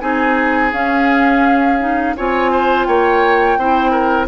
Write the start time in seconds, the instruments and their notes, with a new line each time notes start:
0.00 bassoon C4, clarinet D#4, oboe G#4, flute G#5
0.73 bassoon C#4, clarinet C#4, flute F5
1.80 clarinet D#4
2.17 bassoon C4, clarinet F4, oboe C#5, flute G#5
2.52 oboe C5
2.85 bassoon A#3, oboe C#5, flute G5
3.58 bassoon C4, clarinet E4, oboe C5
3.91 oboe A#4